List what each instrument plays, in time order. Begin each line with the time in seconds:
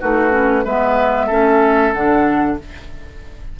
0.00 bassoon A3, clarinet D#4, oboe F#4, flute B4
0.31 clarinet C#4
0.64 bassoon G#3, clarinet B3, oboe B4, flute E5
1.26 bassoon A3, clarinet C#4, oboe A4
1.93 bassoon D3, clarinet D4, flute F#5